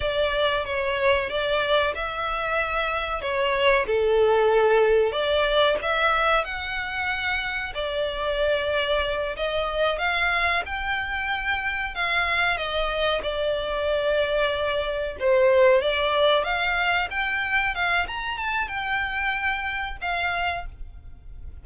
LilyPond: \new Staff \with { instrumentName = "violin" } { \time 4/4 \tempo 4 = 93 d''4 cis''4 d''4 e''4~ | e''4 cis''4 a'2 | d''4 e''4 fis''2 | d''2~ d''8 dis''4 f''8~ |
f''8 g''2 f''4 dis''8~ | dis''8 d''2. c''8~ | c''8 d''4 f''4 g''4 f''8 | ais''8 a''8 g''2 f''4 | }